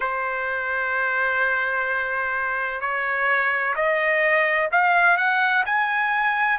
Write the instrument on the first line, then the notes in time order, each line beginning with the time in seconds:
trumpet
0.00 C5
2.80 C#5
3.75 D#5
4.71 F5
5.17 F#5
5.65 G#5